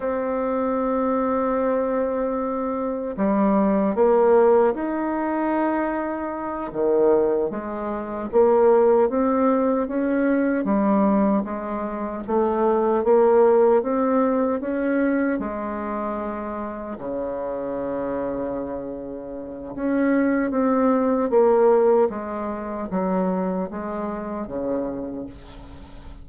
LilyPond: \new Staff \with { instrumentName = "bassoon" } { \time 4/4 \tempo 4 = 76 c'1 | g4 ais4 dis'2~ | dis'8 dis4 gis4 ais4 c'8~ | c'8 cis'4 g4 gis4 a8~ |
a8 ais4 c'4 cis'4 gis8~ | gis4. cis2~ cis8~ | cis4 cis'4 c'4 ais4 | gis4 fis4 gis4 cis4 | }